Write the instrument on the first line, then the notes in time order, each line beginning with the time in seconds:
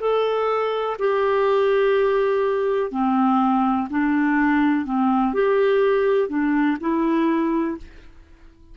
clarinet
0.00 A4
0.99 G4
2.91 C4
3.90 D4
4.85 C4
5.33 G4
6.29 D4
6.80 E4